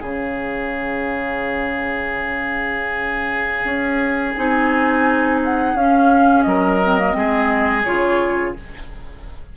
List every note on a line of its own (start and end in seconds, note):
0.00 3.64 C#3
0.00 4.37 C#4
0.00 6.45 G#4
0.00 4.35 F5
3.64 4.34 C#4
4.35 5.74 C4
4.35 5.76 D#4
4.35 5.40 G#5
5.44 5.77 F#5
5.74 6.44 C#4
5.74 6.82 C#4
5.74 6.42 F5
6.42 7.15 F#3
6.42 7.17 A#4
6.42 7.82 D#5
6.82 6.99 C4
6.99 7.12 A#3
7.12 7.85 G#3
7.12 7.82 C4
7.12 8.56 G#4
7.84 8.55 C#3
7.84 8.55 F4
7.84 8.54 C#5